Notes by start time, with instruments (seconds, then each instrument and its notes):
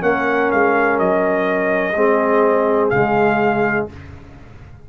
0.00 tuba A#3, trombone C#4, horn A#4, trumpet F#5
0.52 tuba G#3, trumpet F5
0.99 tuba F#3, trumpet D#5
1.95 tuba G#3, trombone C4, horn G#4
2.90 tuba C#3, trombone G#3, trumpet F5